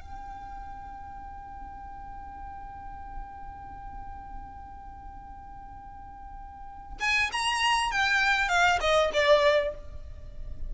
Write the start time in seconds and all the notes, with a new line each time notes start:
0.00 G5
7.00 G#5
7.32 A#5
7.91 G5
8.48 F5
8.81 D#5
9.13 D5